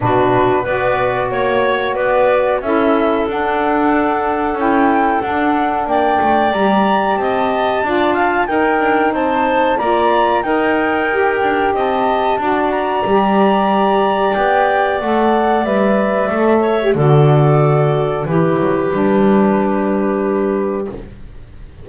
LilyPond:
<<
  \new Staff \with { instrumentName = "flute" } { \time 4/4 \tempo 4 = 92 b'4 d''4 cis''4 d''4 | e''4 fis''2 g''4 | fis''4 g''4 ais''4 a''4~ | a''4 g''4 a''4 ais''4 |
g''2 a''4. ais''8~ | ais''2 g''4 fis''4 | e''2 d''2 | b'1 | }
  \new Staff \with { instrumentName = "clarinet" } { \time 4/4 fis'4 b'4 cis''4 b'4 | a'1~ | a'4 d''2 dis''4 | d''8 f''8 ais'4 c''4 d''4 |
ais'2 dis''4 d''4~ | d''1~ | d''4. cis''8 a'2 | g'1 | }
  \new Staff \with { instrumentName = "saxophone" } { \time 4/4 d'4 fis'2. | e'4 d'2 e'4 | d'2 g'2 | f'4 dis'2 f'4 |
dis'4 g'2 fis'4 | g'2. a'4 | b'4 a'8. g'16 fis'2 | e'4 d'2. | }
  \new Staff \with { instrumentName = "double bass" } { \time 4/4 b,4 b4 ais4 b4 | cis'4 d'2 cis'4 | d'4 ais8 a8 g4 c'4 | d'4 dis'8 d'8 c'4 ais4 |
dis'4. d'8 c'4 d'4 | g2 b4 a4 | g4 a4 d2 | e8 fis8 g2. | }
>>